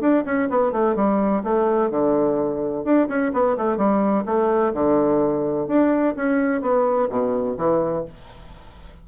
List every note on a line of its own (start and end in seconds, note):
0.00 0.24 D4
0.25 0.49 C#4
0.49 0.72 B3
0.72 0.95 A3
0.95 1.43 G3
1.43 1.90 A3
1.90 2.84 D3
2.84 3.08 D4
3.08 3.32 C#4
3.33 3.56 B3
3.57 3.77 A3
3.77 4.24 G3
4.26 4.73 A3
4.73 5.67 D3
5.67 6.15 D4
6.16 6.61 C#4
6.61 7.09 B3
7.10 7.57 B2
7.58 8.05 E3